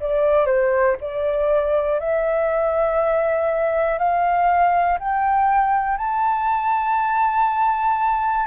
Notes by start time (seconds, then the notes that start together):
0.00 D5
0.46 C5
1.01 D5
2.00 E5
3.99 F5
5.00 G5
5.98 A5